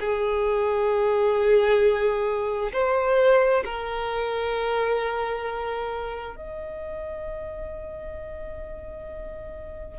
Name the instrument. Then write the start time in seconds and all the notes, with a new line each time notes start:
violin
0.00 G#4
2.73 C5
3.65 A#4
6.36 D#5